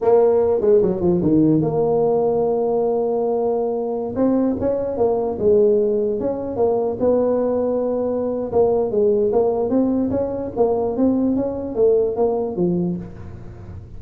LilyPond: \new Staff \with { instrumentName = "tuba" } { \time 4/4 \tempo 4 = 148 ais4. gis8 fis8 f8 dis4 | ais1~ | ais2~ ais16 c'4 cis'8.~ | cis'16 ais4 gis2 cis'8.~ |
cis'16 ais4 b2~ b8.~ | b4 ais4 gis4 ais4 | c'4 cis'4 ais4 c'4 | cis'4 a4 ais4 f4 | }